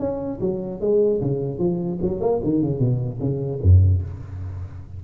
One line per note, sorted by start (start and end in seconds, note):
0.00 0.40 C#4
0.41 0.81 F#3
0.81 1.21 G#3
1.21 1.59 C#3
1.59 1.99 F3
2.02 2.21 F#3
2.21 2.41 A#3
2.44 2.62 D#3
2.62 2.79 C#3
2.79 3.19 B2
3.21 3.61 C#3
3.63 4.03 F#2